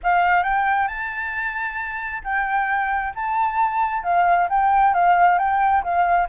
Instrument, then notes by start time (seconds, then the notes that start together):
flute
0.03 F5
0.43 G5
0.87 A5
2.23 G5
3.15 A5
4.03 F5
4.49 G5
4.94 F5
5.38 G5
5.83 F5